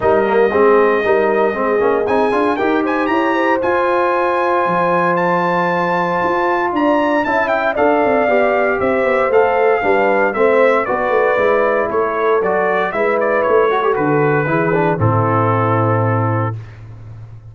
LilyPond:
<<
  \new Staff \with { instrumentName = "trumpet" } { \time 4/4 \tempo 4 = 116 dis''1 | gis''4 g''8 gis''8 ais''4 gis''4~ | gis''2 a''2~ | a''4 ais''4 a''8 g''8 f''4~ |
f''4 e''4 f''2 | e''4 d''2 cis''4 | d''4 e''8 d''8 cis''4 b'4~ | b'4 a'2. | }
  \new Staff \with { instrumentName = "horn" } { \time 4/4 ais'4 gis'4 ais'4 gis'4~ | gis'4 ais'8 c''8 cis''8 c''4.~ | c''1~ | c''4 d''4 e''4 d''4~ |
d''4 c''2 b'4 | c''4 b'2 a'4~ | a'4 b'4. a'4. | gis'4 e'2. | }
  \new Staff \with { instrumentName = "trombone" } { \time 4/4 dis'8 ais8 c'4 dis'4 c'8 cis'8 | dis'8 f'8 g'2 f'4~ | f'1~ | f'2 e'4 a'4 |
g'2 a'4 d'4 | c'4 fis'4 e'2 | fis'4 e'4. fis'16 g'16 fis'4 | e'8 d'8 c'2. | }
  \new Staff \with { instrumentName = "tuba" } { \time 4/4 g4 gis4 g4 gis8 ais8 | c'8 d'8 dis'4 e'4 f'4~ | f'4 f2. | f'4 d'4 cis'4 d'8 c'8 |
b4 c'8 b8 a4 g4 | a4 b8 a8 gis4 a4 | fis4 gis4 a4 d4 | e4 a,2. | }
>>